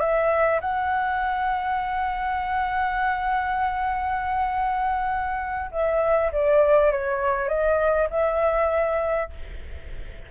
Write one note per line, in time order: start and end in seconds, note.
0.00 0.60 E5
0.61 5.71 F#5
5.71 6.31 E5
6.32 6.92 D5
6.92 7.48 C#5
7.48 8.08 D#5
8.10 9.30 E5